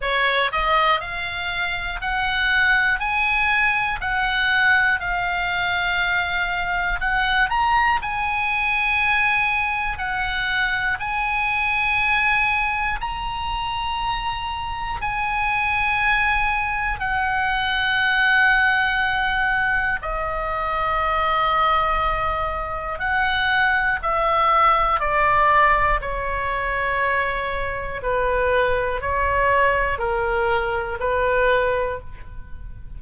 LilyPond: \new Staff \with { instrumentName = "oboe" } { \time 4/4 \tempo 4 = 60 cis''8 dis''8 f''4 fis''4 gis''4 | fis''4 f''2 fis''8 ais''8 | gis''2 fis''4 gis''4~ | gis''4 ais''2 gis''4~ |
gis''4 fis''2. | dis''2. fis''4 | e''4 d''4 cis''2 | b'4 cis''4 ais'4 b'4 | }